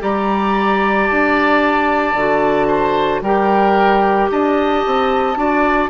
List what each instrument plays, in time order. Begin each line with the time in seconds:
0.00 bassoon G3, clarinet G4, oboe D5, flute A#5
1.07 bassoon D4, flute A5
2.14 bassoon D3, clarinet F#4
2.67 oboe C5
3.21 bassoon G3, clarinet G4, oboe A#4, flute G5
4.31 bassoon D4, oboe D#5, flute A5
4.86 bassoon C4
5.35 bassoon D4, clarinet F#4, oboe D5